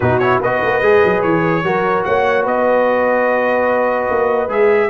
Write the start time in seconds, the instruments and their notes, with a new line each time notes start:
0.00 tuba B2, trombone D#4, horn F#4, trumpet B4
0.18 trombone E4, trumpet C#5
0.40 tuba B3, trombone F#4, horn B4, trumpet D#5
0.61 tuba A#3
0.81 tuba G#3, trombone G#4
1.04 tuba F#3
1.22 tuba E3, trumpet C#5
1.63 tuba F#3, trombone F#4, horn A#4
2.04 tuba A#3, horn C#5, trumpet F#5
2.43 tuba B3, horn B4, trumpet D#5
4.10 tuba A#3
4.48 tuba G#3, trombone G#4, trumpet E5